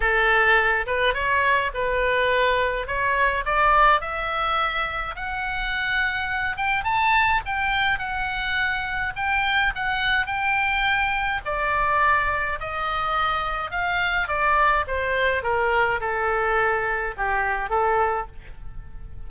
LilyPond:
\new Staff \with { instrumentName = "oboe" } { \time 4/4 \tempo 4 = 105 a'4. b'8 cis''4 b'4~ | b'4 cis''4 d''4 e''4~ | e''4 fis''2~ fis''8 g''8 | a''4 g''4 fis''2 |
g''4 fis''4 g''2 | d''2 dis''2 | f''4 d''4 c''4 ais'4 | a'2 g'4 a'4 | }